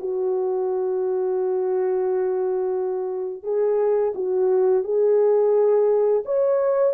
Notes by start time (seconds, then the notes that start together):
0.00 F#4
3.44 G#4
4.15 F#4
4.84 G#4
6.26 C#5